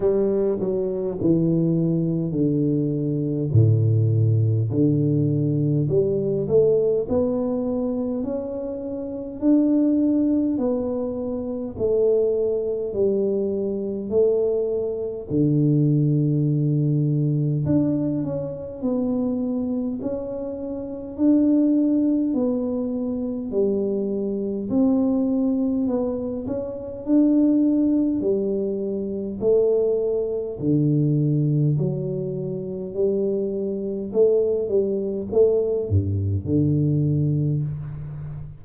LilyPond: \new Staff \with { instrumentName = "tuba" } { \time 4/4 \tempo 4 = 51 g8 fis8 e4 d4 a,4 | d4 g8 a8 b4 cis'4 | d'4 b4 a4 g4 | a4 d2 d'8 cis'8 |
b4 cis'4 d'4 b4 | g4 c'4 b8 cis'8 d'4 | g4 a4 d4 fis4 | g4 a8 g8 a8 g,8 d4 | }